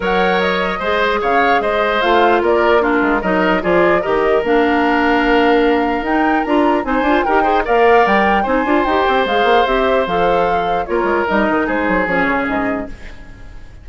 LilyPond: <<
  \new Staff \with { instrumentName = "flute" } { \time 4/4 \tempo 4 = 149 fis''4 dis''2 f''4 | dis''4 f''4 d''4 ais'4 | dis''4 d''4 dis''4 f''4~ | f''2. g''4 |
ais''4 gis''4 g''4 f''4 | g''4 gis''4 g''4 f''4 | e''4 f''2 cis''4 | dis''4 c''4 cis''4 dis''4 | }
  \new Staff \with { instrumentName = "oboe" } { \time 4/4 cis''2 c''4 cis''4 | c''2 ais'4 f'4 | ais'4 gis'4 ais'2~ | ais'1~ |
ais'4 c''4 ais'8 c''8 d''4~ | d''4 c''2.~ | c''2. ais'4~ | ais'4 gis'2. | }
  \new Staff \with { instrumentName = "clarinet" } { \time 4/4 ais'2 gis'2~ | gis'4 f'2 d'4 | dis'4 f'4 g'4 d'4~ | d'2. dis'4 |
f'4 dis'8 f'8 g'8 gis'8 ais'4~ | ais'4 dis'8 f'8 g'4 gis'4 | g'4 a'2 f'4 | dis'2 cis'2 | }
  \new Staff \with { instrumentName = "bassoon" } { \time 4/4 fis2 gis4 cis4 | gis4 a4 ais4. gis8 | fis4 f4 dis4 ais4~ | ais2. dis'4 |
d'4 c'8 d'8 dis'4 ais4 | g4 c'8 d'8 dis'8 c'8 gis8 ais8 | c'4 f2 ais8 gis8 | g8 dis8 gis8 fis8 f8 cis8 gis,4 | }
>>